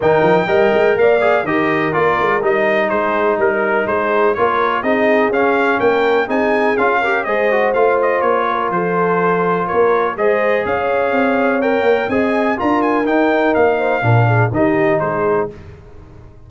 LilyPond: <<
  \new Staff \with { instrumentName = "trumpet" } { \time 4/4 \tempo 4 = 124 g''2 f''4 dis''4 | d''4 dis''4 c''4 ais'4 | c''4 cis''4 dis''4 f''4 | g''4 gis''4 f''4 dis''4 |
f''8 dis''8 cis''4 c''2 | cis''4 dis''4 f''2 | g''4 gis''4 ais''8 gis''8 g''4 | f''2 dis''4 c''4 | }
  \new Staff \with { instrumentName = "horn" } { \time 4/4 ais'4 dis''4 d''4 ais'4~ | ais'2 gis'4 ais'4 | gis'4 ais'4 gis'2 | ais'4 gis'4. ais'8 c''4~ |
c''4. ais'8 a'2 | ais'4 c''4 cis''2~ | cis''4 dis''4 ais'2~ | ais'8 c''8 ais'8 gis'8 g'4 gis'4 | }
  \new Staff \with { instrumentName = "trombone" } { \time 4/4 dis'4 ais'4. gis'8 g'4 | f'4 dis'2.~ | dis'4 f'4 dis'4 cis'4~ | cis'4 dis'4 f'8 g'8 gis'8 fis'8 |
f'1~ | f'4 gis'2. | ais'4 gis'4 f'4 dis'4~ | dis'4 d'4 dis'2 | }
  \new Staff \with { instrumentName = "tuba" } { \time 4/4 dis8 f8 g8 gis8 ais4 dis4 | ais8 gis8 g4 gis4 g4 | gis4 ais4 c'4 cis'4 | ais4 c'4 cis'4 gis4 |
a4 ais4 f2 | ais4 gis4 cis'4 c'4~ | c'8 ais8 c'4 d'4 dis'4 | ais4 ais,4 dis4 gis4 | }
>>